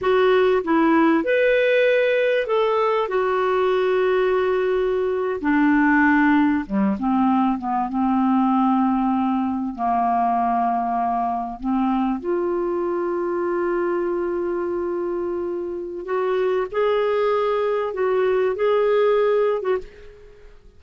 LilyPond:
\new Staff \with { instrumentName = "clarinet" } { \time 4/4 \tempo 4 = 97 fis'4 e'4 b'2 | a'4 fis'2.~ | fis'8. d'2 g8 c'8.~ | c'16 b8 c'2. ais16~ |
ais2~ ais8. c'4 f'16~ | f'1~ | f'2 fis'4 gis'4~ | gis'4 fis'4 gis'4.~ gis'16 fis'16 | }